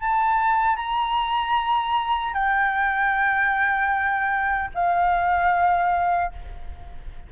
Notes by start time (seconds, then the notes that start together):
0.00 A5
0.76 A#5
2.34 G5
4.74 F5